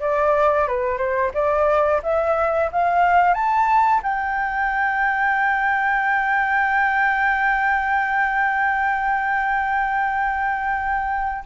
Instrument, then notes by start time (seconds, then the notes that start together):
flute
0.00 D5
0.67 B4
0.97 C5
1.34 D5
2.03 E5
2.72 F5
3.33 A5
4.02 G5